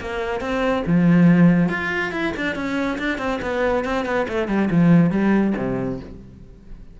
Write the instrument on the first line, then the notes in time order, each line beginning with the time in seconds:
cello
0.00 A#3
0.40 C4
0.86 F3
1.69 F4
2.12 E4
2.36 D4
2.55 C#4
2.98 D4
3.18 C4
3.42 B3
3.84 C4
4.05 B3
4.28 A3
4.48 G3
4.70 F3
5.10 G3
5.57 C3